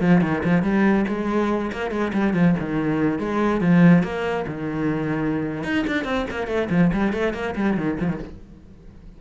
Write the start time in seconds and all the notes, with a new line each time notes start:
0.00 F3
0.21 D#3
0.44 F3
0.62 G3
1.08 G#3
1.72 A#3
1.90 G#3
2.13 G3
2.33 F3
2.59 D#3
3.18 G#3
3.61 F3
4.03 A#3
4.47 D#3
5.63 D#4
5.87 D4
6.04 C4
6.30 A#3
6.47 A3
6.70 F3
6.93 G3
7.13 A3
7.33 A#3
7.55 G3
7.77 D#3
8.00 F3
8.08 D#3